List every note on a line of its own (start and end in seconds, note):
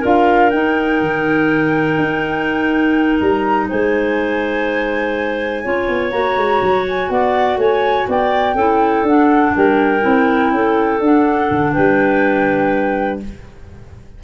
0.00 0.53 D4
0.00 0.51 F4
0.00 3.66 A#4
0.00 0.50 F5
0.50 5.65 D#4
0.50 1.01 D#4
0.50 3.19 G5
1.01 1.98 D#3
1.98 3.20 D#4
3.20 3.70 G3
3.20 3.68 A#5
3.68 5.66 G#3
3.68 5.64 C5
3.68 6.11 G#5
5.64 5.88 C#4
5.64 6.12 F4
5.64 7.10 C#5
5.88 6.12 B3
6.11 6.37 A#3
6.11 8.56 F#4
6.11 6.84 A#5
6.37 6.61 G#3
6.62 7.09 F#3
6.89 7.09 G#5
7.09 7.57 B3
7.09 7.59 D5
7.09 7.58 F#5
7.57 8.06 A3
7.57 8.07 C#5
7.57 8.09 G#5
8.08 8.55 B3
8.08 8.55 D5
8.08 9.06 G5
8.55 9.03 C#4
8.55 9.06 E4
8.55 9.53 A4
9.03 9.51 D4
9.03 10.01 D4
9.03 9.55 F#5
9.55 10.04 G3
9.55 10.53 A#4
9.55 11.02 G5
10.01 10.51 C4
10.01 10.99 E4
10.51 11.00 C#4
10.51 11.73 A4
11.00 11.49 D4
11.00 13.23 D4
11.00 11.73 F#5
11.51 11.75 D3
11.73 13.23 G3
11.73 13.19 B4
11.73 13.20 G5